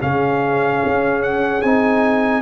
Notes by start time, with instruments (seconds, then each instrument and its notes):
0.00 tuba C#3, trombone C#4, horn G#4, trumpet F5
0.86 tuba C#4
1.23 trumpet F#5
1.62 tuba C4, trombone D#4, trumpet G#5